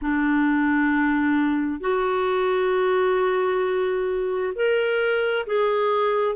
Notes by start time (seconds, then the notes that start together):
0.01 D4
1.80 F#4
4.55 A#4
5.46 G#4